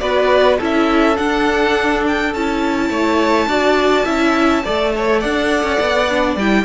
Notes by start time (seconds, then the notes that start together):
0.00 B3 F#4 B4 D5
0.58 C#4 E4 A4
0.64 E5
1.16 D4 F#5
2.07 G5
2.34 C#4 E4 A5
2.90 A3 C#5
3.47 D4 F#4 D5
4.05 C#4 E4 E5
4.64 A3 A4 D5
4.97 C#5
5.20 D4 D5 F#5
5.64 C#4
5.80 B3
6.10 D4
6.36 G3 E4 G5